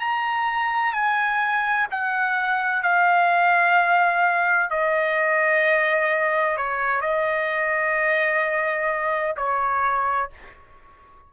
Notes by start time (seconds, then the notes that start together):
0.00 A#5
0.93 G#5
1.91 F#5
2.83 F5
4.70 D#5
6.57 C#5
7.01 D#5
9.36 C#5